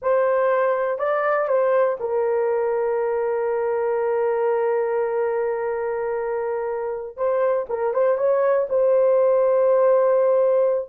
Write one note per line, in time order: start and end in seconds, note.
0.01 0.98 C5
0.98 1.47 D5
1.47 1.97 C5
1.99 7.16 A#4
7.16 7.66 C5
7.69 7.93 A#4
7.93 8.17 C5
8.17 8.67 C#5
8.69 10.89 C5